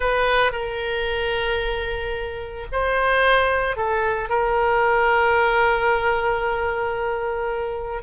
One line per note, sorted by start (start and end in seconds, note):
0.00 0.52 B4
0.52 2.66 A#4
2.72 3.76 C5
3.76 4.29 A4
4.29 8.02 A#4